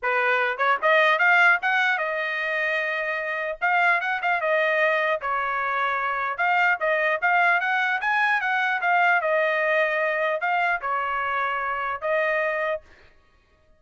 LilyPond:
\new Staff \with { instrumentName = "trumpet" } { \time 4/4 \tempo 4 = 150 b'4. cis''8 dis''4 f''4 | fis''4 dis''2.~ | dis''4 f''4 fis''8 f''8 dis''4~ | dis''4 cis''2. |
f''4 dis''4 f''4 fis''4 | gis''4 fis''4 f''4 dis''4~ | dis''2 f''4 cis''4~ | cis''2 dis''2 | }